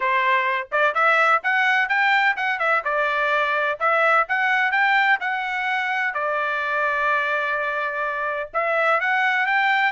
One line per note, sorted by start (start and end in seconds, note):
0.00 0.68 C5
0.71 0.94 D5
0.94 1.41 E5
1.43 1.89 F#5
1.89 2.36 G5
2.36 2.59 F#5
2.59 2.82 E5
2.84 3.79 D5
3.79 4.26 E5
4.28 4.71 F#5
4.71 5.18 G5
5.20 6.14 F#5
6.14 8.50 D5
8.53 9.00 E5
9.00 9.46 F#5
9.46 9.91 G5